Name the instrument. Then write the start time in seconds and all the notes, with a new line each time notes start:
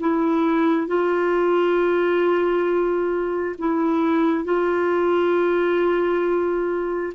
clarinet
0.00 E4
0.87 F4
3.58 E4
4.44 F4